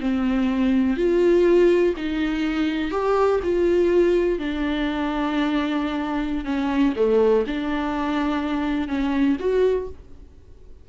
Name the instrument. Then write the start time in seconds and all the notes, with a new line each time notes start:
viola
0.00 C4
0.96 F4
1.96 D#4
2.91 G4
3.43 F4
4.39 D4
6.45 C#4
6.96 A3
7.47 D4
8.88 C#4
9.39 F#4